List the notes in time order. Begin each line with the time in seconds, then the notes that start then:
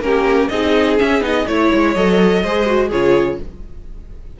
0.00 A#3 C#4 G4 A#4
0.48 C4 D#4 G#4 D#5
0.98 C#4 E5
1.21 B3 D#4 D#5
1.47 A3 E4 C#5
1.73 G#3
1.95 F#3 A4 D#5
2.43 G#3 G#4 C5
2.66 F#4
2.88 C#3 F4 G#4 C#5